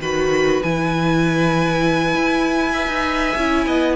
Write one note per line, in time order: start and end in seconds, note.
0.00 0.61 D#3
0.00 0.63 F#4
0.00 2.73 B4
0.00 0.63 B5
0.63 2.15 E3
0.63 2.75 E4
0.63 3.96 G#5
2.15 2.88 E4
2.73 3.36 B4
2.73 3.65 E5
2.88 3.34 D#4
3.36 3.67 C#4
3.36 3.96 E4
3.67 3.96 B3
3.67 3.96 D#5